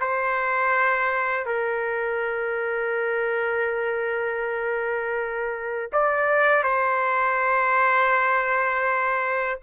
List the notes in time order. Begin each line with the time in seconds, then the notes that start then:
0.00 C5
1.45 A#4
5.92 D5
6.63 C5